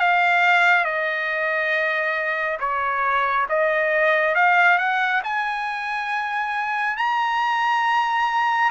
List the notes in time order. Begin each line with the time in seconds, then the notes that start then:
0.00 F5
0.85 D#5
2.60 C#5
3.49 D#5
4.35 F5
4.79 F#5
5.24 G#5
6.97 A#5